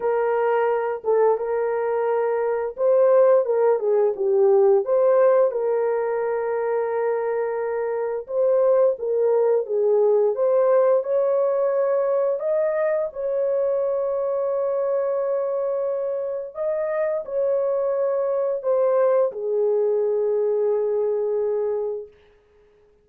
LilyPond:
\new Staff \with { instrumentName = "horn" } { \time 4/4 \tempo 4 = 87 ais'4. a'8 ais'2 | c''4 ais'8 gis'8 g'4 c''4 | ais'1 | c''4 ais'4 gis'4 c''4 |
cis''2 dis''4 cis''4~ | cis''1 | dis''4 cis''2 c''4 | gis'1 | }